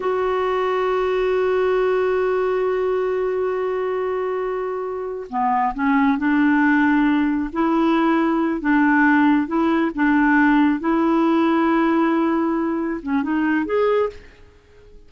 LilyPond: \new Staff \with { instrumentName = "clarinet" } { \time 4/4 \tempo 4 = 136 fis'1~ | fis'1~ | fis'1 | b4 cis'4 d'2~ |
d'4 e'2~ e'8 d'8~ | d'4. e'4 d'4.~ | d'8 e'2.~ e'8~ | e'4. cis'8 dis'4 gis'4 | }